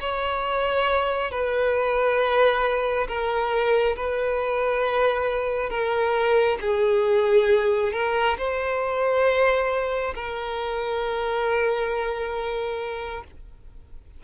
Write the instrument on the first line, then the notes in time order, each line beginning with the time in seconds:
violin
0.00 C#5
1.31 B4
3.08 A#4
3.96 B4
5.70 A#4
6.61 G#4
7.93 A#4
8.37 C5
10.15 A#4